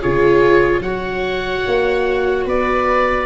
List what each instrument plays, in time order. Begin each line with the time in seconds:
0.00 tuba C#3, viola F4 G#4, oboe C#5
0.79 tuba F#3, viola C#5, oboe F#5
0.85 viola F#4
1.67 tuba A#3
2.45 tuba B3, viola B4, oboe D5